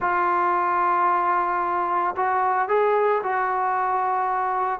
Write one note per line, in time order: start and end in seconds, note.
0.00 2.15 F4
2.16 2.68 F#4
2.68 3.21 G#4
3.23 4.79 F#4